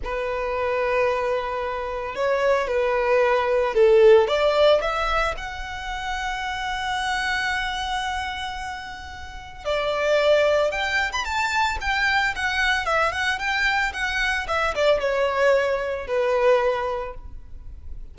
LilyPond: \new Staff \with { instrumentName = "violin" } { \time 4/4 \tempo 4 = 112 b'1 | cis''4 b'2 a'4 | d''4 e''4 fis''2~ | fis''1~ |
fis''2 d''2 | g''8. b''16 a''4 g''4 fis''4 | e''8 fis''8 g''4 fis''4 e''8 d''8 | cis''2 b'2 | }